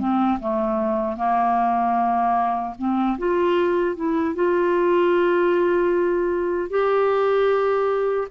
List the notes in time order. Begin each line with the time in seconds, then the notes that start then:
0.00 C4
0.40 A3
1.17 A#3
2.79 C4
3.19 F4
3.97 E4
4.35 F4
6.70 G4